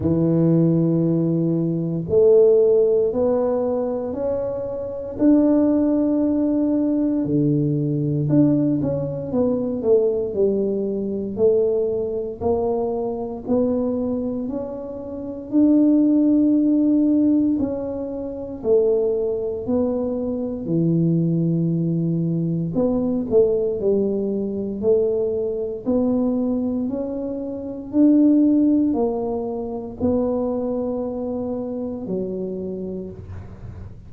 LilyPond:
\new Staff \with { instrumentName = "tuba" } { \time 4/4 \tempo 4 = 58 e2 a4 b4 | cis'4 d'2 d4 | d'8 cis'8 b8 a8 g4 a4 | ais4 b4 cis'4 d'4~ |
d'4 cis'4 a4 b4 | e2 b8 a8 g4 | a4 b4 cis'4 d'4 | ais4 b2 fis4 | }